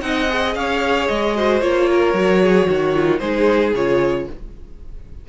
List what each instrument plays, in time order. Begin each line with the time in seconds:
0.00 cello C4, viola D#4, violin D#5 F#5
0.28 viola G#4
0.54 cello C#4, violin C#5 F5
1.07 cello G#3, violin D#5
1.35 viola F#4, violin C5
1.60 cello A#3, viola F4, violin C#5
1.90 violin A#4
2.13 cello F#3, viola F#4
2.42 violin G#4
2.69 cello D#3, violin F#4
2.93 viola F4
3.18 cello G#3, viola D#4, violin G#4 C5
3.74 cello C#3, viola F4, violin C#5